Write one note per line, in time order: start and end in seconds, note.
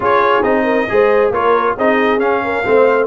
0.00 0.41 C#4
0.00 0.43 F4
0.00 0.64 G#4
0.00 0.43 C#5
0.42 0.86 C4
0.42 0.87 D#4
0.42 1.31 D#5
0.64 0.86 A#4
0.89 1.30 G#3
0.89 1.33 G#4
0.89 1.31 C5
1.30 1.74 A#3
1.30 1.77 F4
1.30 1.75 A#4
1.30 1.77 C#5
1.76 2.18 C4
1.76 2.19 D#4
1.76 2.42 G#4
1.76 2.19 D#5
2.18 2.62 C#4
2.18 2.63 C#4
2.18 3.06 F5
2.43 2.65 A#4
2.64 3.06 A3
2.64 3.06 C4
2.64 3.06 C5